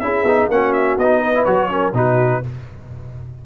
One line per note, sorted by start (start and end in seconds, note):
0.00 0.23 C#4
0.00 0.26 E4
0.00 0.53 G#4
0.00 0.48 E5
0.23 0.47 B3
0.23 0.51 D#4
0.48 0.97 A#3
0.48 1.00 C#4
0.48 1.22 F#4
0.48 0.73 F#5
0.73 0.97 E5
0.97 1.46 B3
0.97 1.35 D#4
0.97 1.45 D#5
1.22 1.70 B4
1.35 1.46 E4
1.45 1.93 F#3
1.45 1.69 F#4
1.45 1.93 C#5
1.69 1.93 C#4
1.69 1.96 A#4
1.93 2.42 B2
1.93 2.43 D#4
1.93 2.44 F#4
1.93 2.45 B4